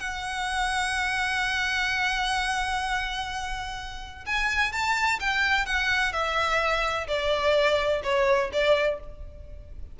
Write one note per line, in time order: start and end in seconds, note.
0.00 4.25 F#5
4.26 4.72 G#5
4.72 5.19 A5
5.20 5.66 G5
5.66 6.13 F#5
6.13 7.07 E5
7.07 8.02 D5
8.03 8.51 C#5
8.53 9.00 D5